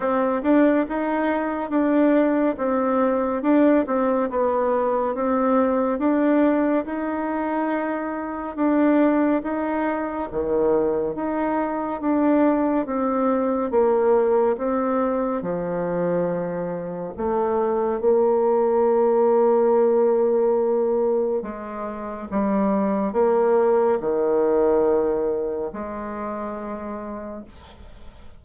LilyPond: \new Staff \with { instrumentName = "bassoon" } { \time 4/4 \tempo 4 = 70 c'8 d'8 dis'4 d'4 c'4 | d'8 c'8 b4 c'4 d'4 | dis'2 d'4 dis'4 | dis4 dis'4 d'4 c'4 |
ais4 c'4 f2 | a4 ais2.~ | ais4 gis4 g4 ais4 | dis2 gis2 | }